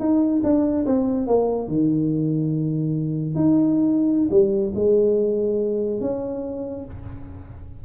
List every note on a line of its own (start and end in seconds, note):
0.00 0.42 D#4
0.44 0.86 D4
0.86 1.27 C4
1.27 1.68 A#3
1.68 3.35 D#3
3.35 4.29 D#4
4.31 4.73 G3
4.75 6.01 G#3
6.01 6.85 C#4